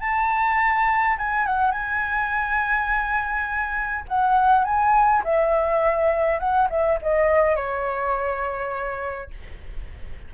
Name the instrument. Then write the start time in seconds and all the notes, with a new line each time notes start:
flute
0.00 A5
1.18 G#5
1.46 F#5
1.71 G#5
4.08 F#5
4.64 G#5
5.24 E5
6.39 F#5
6.70 E5
7.02 D#5
7.56 C#5